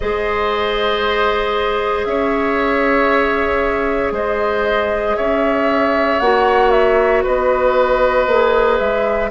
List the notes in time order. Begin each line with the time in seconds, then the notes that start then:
0.00 G#3 G#4 C5 D#5
2.05 C#4 C#5 E5
4.11 G#3 C5 D#5
5.16 C#4 C#5 E5
6.19 A#3 F#4 F#5
6.70 E5
7.23 B3 B4 D#5
8.27 A#3 G#4
8.78 G#3 E5